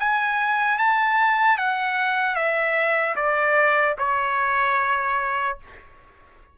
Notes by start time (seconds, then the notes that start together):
0.00 G#5
0.79 A5
1.58 F#5
2.36 E5
3.16 D5
3.99 C#5